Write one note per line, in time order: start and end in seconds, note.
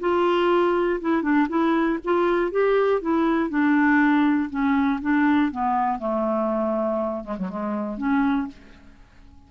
0.00 1.00 F4
1.01 1.22 E4
1.22 1.47 D4
1.49 1.99 E4
2.04 2.51 F4
2.51 3.01 G4
3.01 3.50 E4
3.50 4.50 D4
4.50 5.00 C#4
5.02 5.51 D4
5.51 5.99 B3
5.99 7.24 A3
7.24 7.36 G#3
7.38 7.49 F#3
7.49 7.98 G#3
7.98 8.48 C#4